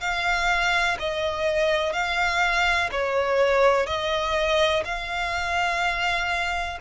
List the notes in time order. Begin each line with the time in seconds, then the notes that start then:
0.00 F5
0.99 D#5
1.93 F5
2.91 C#5
3.86 D#5
4.85 F5